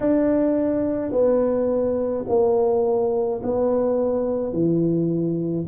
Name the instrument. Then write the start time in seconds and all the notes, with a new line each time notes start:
tuba
0.00 D4
1.11 B3
2.28 A#3
3.43 B3
4.53 E3